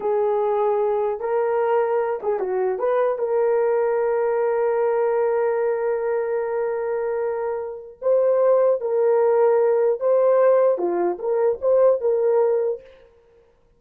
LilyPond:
\new Staff \with { instrumentName = "horn" } { \time 4/4 \tempo 4 = 150 gis'2. ais'4~ | ais'4. gis'8 fis'4 b'4 | ais'1~ | ais'1~ |
ais'1 | c''2 ais'2~ | ais'4 c''2 f'4 | ais'4 c''4 ais'2 | }